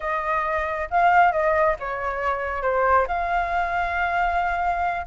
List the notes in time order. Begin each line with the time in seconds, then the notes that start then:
0.00 D#5
0.90 F5
1.32 D#5
1.79 C#5
2.62 C5
3.07 F5